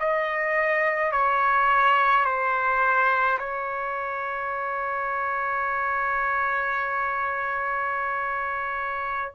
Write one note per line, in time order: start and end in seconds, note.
0.00 1.12 D#5
1.12 2.25 C#5
2.25 3.39 C5
3.39 9.33 C#5